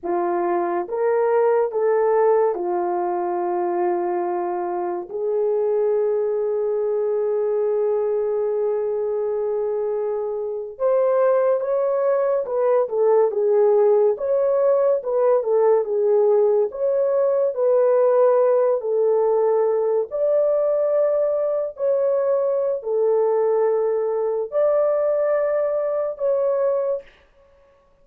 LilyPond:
\new Staff \with { instrumentName = "horn" } { \time 4/4 \tempo 4 = 71 f'4 ais'4 a'4 f'4~ | f'2 gis'2~ | gis'1~ | gis'8. c''4 cis''4 b'8 a'8 gis'16~ |
gis'8. cis''4 b'8 a'8 gis'4 cis''16~ | cis''8. b'4. a'4. d''16~ | d''4.~ d''16 cis''4~ cis''16 a'4~ | a'4 d''2 cis''4 | }